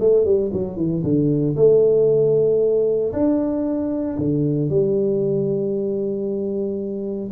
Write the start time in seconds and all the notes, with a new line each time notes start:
0.00 A3
0.25 G3
0.54 F#3
0.77 E3
1.04 D3
1.56 A3
3.14 D4
4.19 D3
4.70 G3